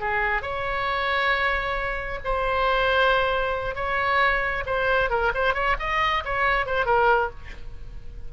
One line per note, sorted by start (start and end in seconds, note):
0.00 0.42 G#4
0.42 2.20 C#5
2.24 3.75 C5
3.75 4.64 C#5
4.66 5.10 C5
5.10 5.32 A#4
5.34 5.54 C5
5.54 5.76 C#5
5.79 6.24 D#5
6.25 6.66 C#5
6.66 6.86 C5
6.86 7.30 A#4